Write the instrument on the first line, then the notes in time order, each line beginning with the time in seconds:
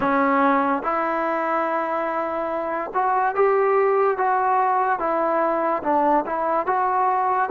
trombone
0.00 C#4
0.82 E4
2.94 F#4
3.35 G4
4.17 F#4
4.99 E4
5.83 D4
6.26 E4
6.66 F#4